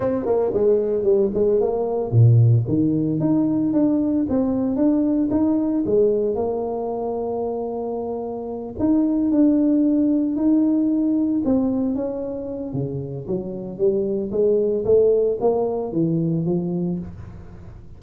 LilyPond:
\new Staff \with { instrumentName = "tuba" } { \time 4/4 \tempo 4 = 113 c'8 ais8 gis4 g8 gis8 ais4 | ais,4 dis4 dis'4 d'4 | c'4 d'4 dis'4 gis4 | ais1~ |
ais8 dis'4 d'2 dis'8~ | dis'4. c'4 cis'4. | cis4 fis4 g4 gis4 | a4 ais4 e4 f4 | }